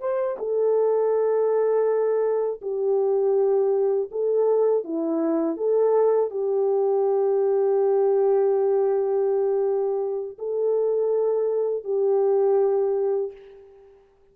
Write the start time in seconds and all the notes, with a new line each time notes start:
0.00 C5
0.39 A4
2.62 G4
4.11 A4
4.84 E4
5.57 A4
6.31 G4
10.39 A4
11.84 G4